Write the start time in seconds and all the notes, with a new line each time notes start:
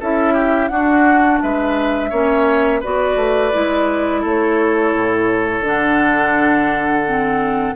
0.00 C#4 E4 A4 E5
0.33 G4
0.67 D4 F#4 F#5
1.41 G#3 B4 E5
2.10 A#3 C#4 C#5
2.80 B3 F#4 B4 D5
3.16 A3
3.52 G#3 E4
4.21 A3 A4 C#5
4.94 A2
5.60 D3 D4 F#5
7.05 C4